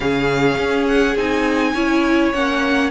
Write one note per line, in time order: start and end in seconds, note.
0.00 0.57 C#3
0.00 1.14 C#4
0.00 1.72 G#4
0.00 0.86 F5
0.58 1.15 C#4
0.87 1.16 F#5
1.15 1.73 C4
1.15 1.75 D#4
1.15 2.33 G#5
1.74 2.33 C#4
1.74 2.33 E4
1.74 2.90 C#5
2.33 2.90 A#3
2.33 2.90 C#4
2.33 2.90 F#5